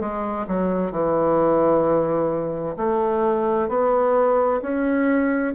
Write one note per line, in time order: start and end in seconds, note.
0.00 0.46 G#3
0.47 0.91 F#3
0.91 2.76 E3
2.77 3.68 A3
3.68 4.61 B3
4.62 5.54 C#4